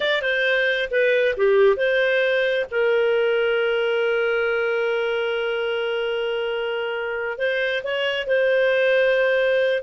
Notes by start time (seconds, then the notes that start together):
0.00 D5
0.21 C5
0.91 B4
1.37 G4
1.76 C5
2.70 A#4
7.38 C5
7.83 C#5
8.26 C5